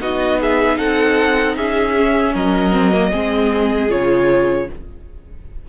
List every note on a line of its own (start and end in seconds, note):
0.00 0.78 B3
0.00 1.95 D#4
0.00 0.39 F#4
0.00 0.40 D#5
0.40 0.78 G#4
0.40 0.78 E5
0.78 1.56 C4
0.78 1.56 A4
0.78 1.56 F#5
1.56 2.34 C#4
1.56 2.33 G#4
1.56 2.34 E5
1.96 2.72 C#4
2.33 3.12 F#3
2.33 3.10 A#4
2.33 3.91 D#5
2.72 2.91 C4
2.91 3.11 A#3
3.10 3.91 G#3
3.10 3.89 C4
3.10 4.66 G#4
3.89 4.69 C#3
3.89 4.67 F4
3.89 4.69 C#5